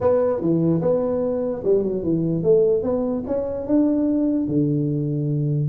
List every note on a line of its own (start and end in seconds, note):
0.00 0.41 B3
0.41 0.81 E3
0.81 1.62 B3
1.64 1.82 G3
1.82 2.03 F#3
2.03 2.43 E3
2.43 2.82 A3
2.82 3.23 B3
3.27 3.66 C#4
3.66 4.47 D4
4.47 5.69 D3